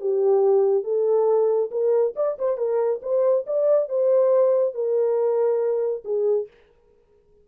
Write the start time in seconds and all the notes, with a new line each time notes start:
0.00 G4
0.83 A4
1.71 A#4
2.15 D5
2.38 C5
2.57 A#4
3.02 C5
3.46 D5
3.89 C5
4.74 A#4
6.04 G#4